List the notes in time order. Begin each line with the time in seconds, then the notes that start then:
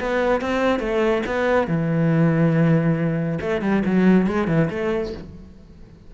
0.00 B3
0.41 C4
0.80 A3
1.26 B3
1.68 E3
3.41 A3
3.62 G3
3.86 F#3
4.27 G#3
4.48 E3
4.70 A3